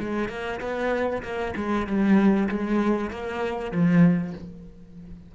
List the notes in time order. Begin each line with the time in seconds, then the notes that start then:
0.00 G#3
0.29 A#3
0.61 B3
1.23 A#3
1.56 G#3
1.87 G3
2.49 G#3
3.11 A#3
3.72 F3